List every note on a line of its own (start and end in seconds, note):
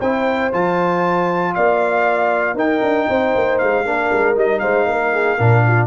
0.00 0.52 C4
0.00 0.52 E4
0.00 1.54 C5
0.00 0.52 G5
0.52 1.56 F3
0.52 2.57 F4
0.52 1.54 A5
1.54 2.54 A#3
1.54 2.55 D5
1.54 2.57 F5
2.54 2.80 D#4
2.54 3.85 D#4
2.54 3.07 A#4
2.54 3.58 G5
2.82 3.07 D4
3.09 3.35 C4
3.09 3.86 C5
3.35 3.61 A#3
3.58 3.85 G#3
3.58 4.35 F5
3.85 4.10 A#3
3.85 4.35 D4
3.85 4.61 A#4
4.12 4.36 G#3
4.35 4.61 G3
4.35 5.38 D#4
4.35 4.59 D#5
4.59 4.86 G#3
4.59 4.87 C5
4.59 5.87 F5
4.86 5.37 A#3
4.86 5.13 A#4
5.13 5.37 G#4
5.37 5.87 A#2
5.37 5.87 D4
5.37 5.63 A#4
5.67 5.87 F4